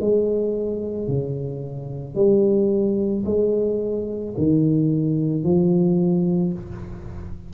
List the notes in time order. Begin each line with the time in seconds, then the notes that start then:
0.00 G#3
1.08 C#3
2.15 G3
3.25 G#3
4.37 D#3
5.43 F3